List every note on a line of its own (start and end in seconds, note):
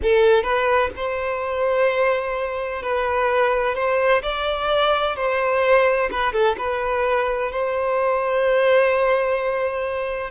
0.02 0.43 A4
0.43 0.89 B4
0.96 2.82 C5
2.82 3.75 B4
3.75 4.22 C5
4.22 5.16 D5
5.16 6.09 C5
6.11 6.32 B4
6.32 6.56 A4
6.58 7.51 B4
7.51 10.30 C5